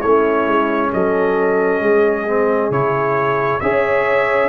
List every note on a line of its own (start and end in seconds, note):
0.00 0.48 A3
0.00 2.27 C#4
0.00 0.90 E4
0.00 0.91 C#5
0.48 0.92 G#3
0.93 1.81 F#3
0.93 1.83 A4
0.93 2.72 D#5
1.81 2.71 G#3
1.81 3.62 G#4
2.27 2.72 C4
2.71 3.60 C#3
2.71 3.61 E4
2.71 3.61 C#5
3.61 4.49 C#4
3.61 4.49 G#4
3.61 4.49 C#5
3.61 4.49 E5